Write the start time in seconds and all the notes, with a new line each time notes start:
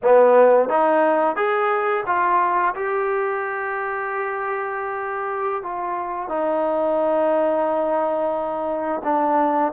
0.02 B3
0.69 D#4
1.35 G#4
2.06 F4
2.75 G4
5.62 F4
6.29 D#4
9.04 D4